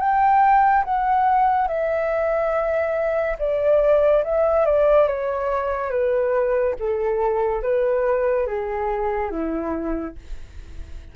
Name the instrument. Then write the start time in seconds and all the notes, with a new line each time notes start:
flute
0.00 G5
0.85 F#5
1.68 E5
3.39 D5
4.24 E5
4.66 D5
5.08 C#5
5.90 B4
6.79 A4
7.62 B4
8.47 G#4
9.31 E4